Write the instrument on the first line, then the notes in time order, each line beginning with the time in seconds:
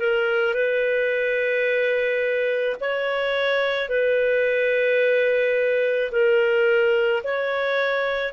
clarinet
0.00 A#4
0.54 B4
2.80 C#5
3.89 B4
6.12 A#4
7.24 C#5